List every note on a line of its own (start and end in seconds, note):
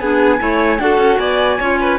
0.00 0.40 B3
0.00 0.39 D4
0.00 0.41 G#4
0.00 0.80 G#5
0.39 0.79 A3
0.39 0.79 E4
0.39 0.81 C#5
0.79 0.98 D4
0.79 1.60 F#4
0.79 1.20 A4
0.79 1.18 F#5
0.98 1.18 C#4
1.18 1.60 B3
1.18 1.60 D5
1.18 1.98 G#5
1.60 1.99 C#4
1.60 1.99 F4
1.60 1.80 C#5
1.80 1.99 B4